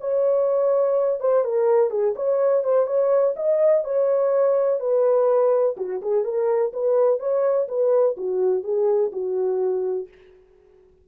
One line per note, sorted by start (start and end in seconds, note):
0.00 1.20 C#5
1.20 1.44 C5
1.44 1.90 A#4
1.90 2.14 G#4
2.16 2.64 C#5
2.64 2.86 C5
2.86 3.34 C#5
3.36 3.84 D#5
3.84 4.80 C#5
4.80 5.76 B4
5.77 6.01 F#4
6.02 6.24 G#4
6.24 6.72 A#4
6.73 7.19 B4
7.19 7.67 C#5
7.68 8.16 B4
8.17 8.63 F#4
8.63 9.11 G#4
9.12 10.08 F#4